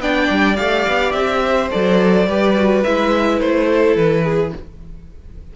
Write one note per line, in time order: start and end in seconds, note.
0.00 0.28 B3
0.00 0.56 D4
0.00 1.43 D5
0.00 0.56 G5
0.30 0.58 G3
0.56 0.87 A3
0.56 1.69 G4
0.56 1.12 F5
0.88 1.14 B3
1.12 1.71 C4
1.12 1.69 E5
1.45 2.28 C5
1.71 2.27 F#3
1.71 2.27 A4
1.71 2.83 D5
2.27 2.84 G3
2.27 2.56 G4
2.27 3.67 B4
2.56 2.84 F#4
2.83 3.40 G#3
2.83 4.56 E4
2.83 3.40 E5
3.40 3.96 A3
3.40 3.96 C5
3.67 4.24 A4
3.96 4.52 E3
3.96 4.53 B4
4.24 4.52 G#4